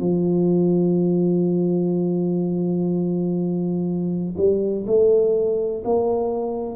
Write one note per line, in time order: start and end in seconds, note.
0.00 4.35 F3
4.37 4.86 G3
4.87 5.83 A3
5.85 6.76 A#3